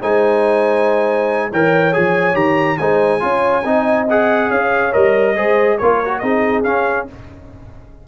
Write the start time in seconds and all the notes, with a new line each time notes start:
0.00 G#3 D#4 C5 G#5
1.51 E3 A#4 C#5 G5
1.92 F3 G#4 G#5
2.34 D#3 G4 A#5
2.78 G#3 D#4 C5 G#5
3.20 C#4 F4 C#5
3.65 C4 D#4 D#5
4.09 G#4 F#5
4.48 C#4 C#5 F5
4.92 G3 A#4 D#5
5.36 G#3 G#4 C5
5.78 A#3 F4 A#4 C#5
6.05 F#4
6.19 C4 D#4 G#4 D#5
6.64 C#4 F5